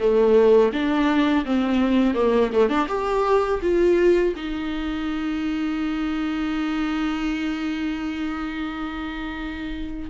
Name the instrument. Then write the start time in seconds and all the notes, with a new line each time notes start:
viola
0.00 A3
0.73 D4
1.46 C4
2.15 A#3
2.53 A3
2.69 D4
2.88 G4
3.62 F4
4.36 D#4